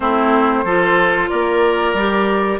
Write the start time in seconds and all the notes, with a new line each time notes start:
0.00 A3 C4 E4 C5
0.63 F3 F4 A4
1.29 A#3 A#4 D5
1.93 G3 G4